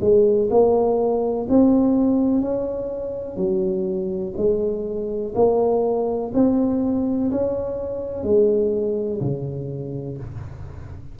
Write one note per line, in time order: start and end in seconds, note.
0.00 0.48 G#3
0.50 1.46 A#3
1.49 2.41 C4
2.41 3.37 C#4
3.37 4.33 F#3
4.37 5.34 G#3
5.34 6.31 A#3
6.33 7.30 C4
7.31 8.23 C#4
8.23 9.20 G#3
9.21 10.17 C#3